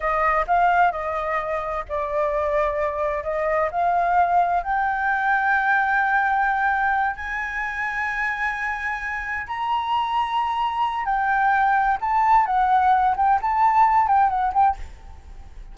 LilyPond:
\new Staff \with { instrumentName = "flute" } { \time 4/4 \tempo 4 = 130 dis''4 f''4 dis''2 | d''2. dis''4 | f''2 g''2~ | g''2.~ g''8 gis''8~ |
gis''1~ | gis''8 ais''2.~ ais''8 | g''2 a''4 fis''4~ | fis''8 g''8 a''4. g''8 fis''8 g''8 | }